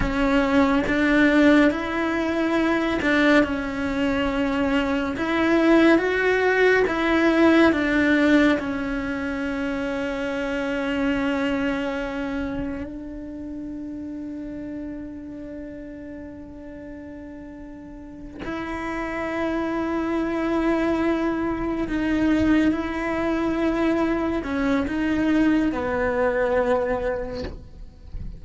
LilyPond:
\new Staff \with { instrumentName = "cello" } { \time 4/4 \tempo 4 = 70 cis'4 d'4 e'4. d'8 | cis'2 e'4 fis'4 | e'4 d'4 cis'2~ | cis'2. d'4~ |
d'1~ | d'4. e'2~ e'8~ | e'4. dis'4 e'4.~ | e'8 cis'8 dis'4 b2 | }